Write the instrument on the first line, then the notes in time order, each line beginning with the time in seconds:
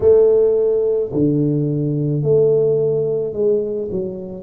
tuba
0.00 A3
1.12 D3
2.22 A3
3.33 G#3
3.91 F#3